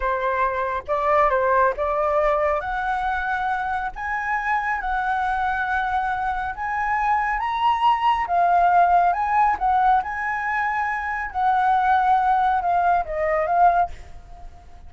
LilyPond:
\new Staff \with { instrumentName = "flute" } { \time 4/4 \tempo 4 = 138 c''2 d''4 c''4 | d''2 fis''2~ | fis''4 gis''2 fis''4~ | fis''2. gis''4~ |
gis''4 ais''2 f''4~ | f''4 gis''4 fis''4 gis''4~ | gis''2 fis''2~ | fis''4 f''4 dis''4 f''4 | }